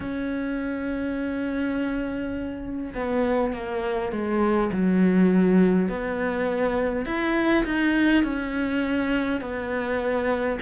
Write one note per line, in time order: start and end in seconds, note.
0.00 2.94 C#4
2.94 3.53 B3
3.53 4.12 A#3
4.12 4.71 G#3
4.72 5.88 F#3
5.88 7.05 B3
7.05 7.64 E4
7.64 8.23 D#4
8.24 9.41 C#4
9.41 10.58 B3